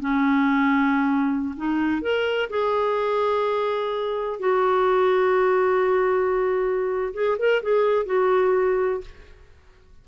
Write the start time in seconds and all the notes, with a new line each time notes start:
0.00 C#4
1.56 D#4
2.02 A#4
2.50 G#4
4.39 F#4
7.13 G#4
7.38 A#4
7.62 G#4
8.06 F#4